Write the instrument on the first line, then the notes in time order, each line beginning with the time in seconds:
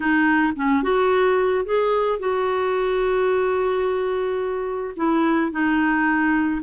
clarinet
0.00 D#4
0.56 C#4
0.83 F#4
1.65 G#4
2.19 F#4
4.96 E4
5.51 D#4